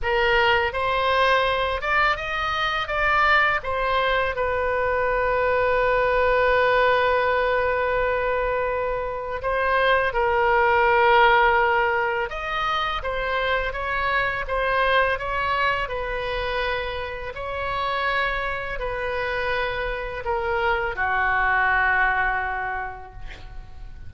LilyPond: \new Staff \with { instrumentName = "oboe" } { \time 4/4 \tempo 4 = 83 ais'4 c''4. d''8 dis''4 | d''4 c''4 b'2~ | b'1~ | b'4 c''4 ais'2~ |
ais'4 dis''4 c''4 cis''4 | c''4 cis''4 b'2 | cis''2 b'2 | ais'4 fis'2. | }